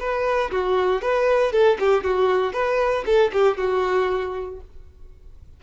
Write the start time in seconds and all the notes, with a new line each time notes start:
0.00 B4
0.52 F#4
1.02 B4
1.52 A4
1.80 G4
2.04 F#4
2.53 B4
3.06 A4
3.33 G4
3.58 F#4